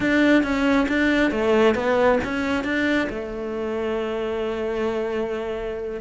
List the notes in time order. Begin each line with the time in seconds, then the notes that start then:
0.00 D4
0.43 C#4
0.88 D4
1.31 A3
1.75 B3
2.24 C#4
2.64 D4
3.09 A3